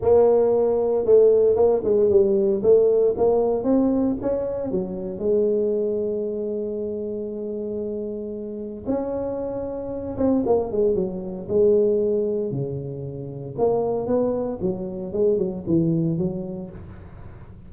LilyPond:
\new Staff \with { instrumentName = "tuba" } { \time 4/4 \tempo 4 = 115 ais2 a4 ais8 gis8 | g4 a4 ais4 c'4 | cis'4 fis4 gis2~ | gis1~ |
gis4 cis'2~ cis'8 c'8 | ais8 gis8 fis4 gis2 | cis2 ais4 b4 | fis4 gis8 fis8 e4 fis4 | }